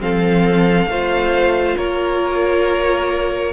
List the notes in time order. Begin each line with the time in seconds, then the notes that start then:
0.00 F3 C4 A4 F5
0.87 A3 F4 C5
1.77 A#3 A#4 C#5